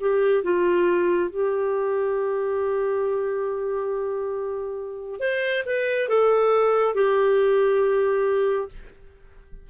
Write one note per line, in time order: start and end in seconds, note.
0.00 0.43 G4
0.43 1.30 F4
1.30 5.20 G4
5.20 5.63 C5
5.66 6.08 B4
6.08 6.94 A4
6.94 8.68 G4